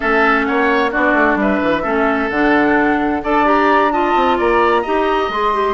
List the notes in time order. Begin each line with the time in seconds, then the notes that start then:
0.00 A3 C#4 A4 E5
0.44 A#3 C#5 F#5
0.91 B3 D4 F#4 D5
1.14 A3
1.35 G3 E5
1.41 B4
1.63 E3
1.83 A3 C#4 A4
2.30 D3 D4 F#5
3.23 D4 A4 D5 A5
3.45 G4 A#5
3.92 F4 D#5 A5
4.15 C4
4.38 A#3 D5 A#5
4.82 D#4 G4 D#5
5.28 G#3 G#4 C6
5.53 G4